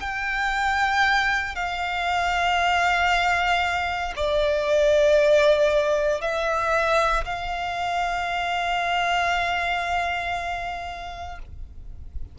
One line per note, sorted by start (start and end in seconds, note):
0.00 1.55 G5
1.55 4.13 F5
4.16 6.21 D5
6.21 7.24 E5
7.25 11.38 F5